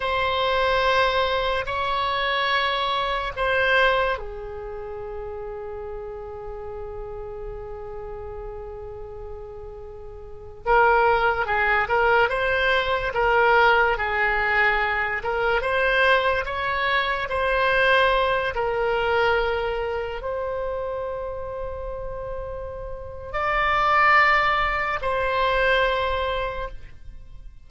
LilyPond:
\new Staff \with { instrumentName = "oboe" } { \time 4/4 \tempo 4 = 72 c''2 cis''2 | c''4 gis'2.~ | gis'1~ | gis'8. ais'4 gis'8 ais'8 c''4 ais'16~ |
ais'8. gis'4. ais'8 c''4 cis''16~ | cis''8. c''4. ais'4.~ ais'16~ | ais'16 c''2.~ c''8. | d''2 c''2 | }